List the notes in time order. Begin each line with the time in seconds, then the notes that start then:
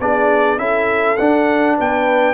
0.00 B3 D4 G#4 D5
0.58 C#4 E4 A4 E5
1.17 D4 F#5
1.77 B3 B4 G5